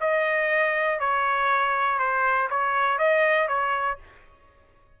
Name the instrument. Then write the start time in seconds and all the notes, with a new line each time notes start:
trumpet
0.00 D#5
0.99 C#5
1.98 C5
2.50 C#5
2.98 D#5
3.48 C#5